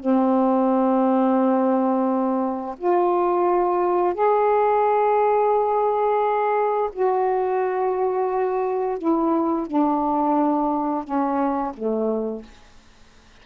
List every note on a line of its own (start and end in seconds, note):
0.00 2.76 C4
2.78 4.14 F4
4.14 6.90 G#4
6.93 8.98 F#4
8.98 9.67 E4
9.67 11.04 D4
11.04 11.73 C#4
11.74 12.43 A3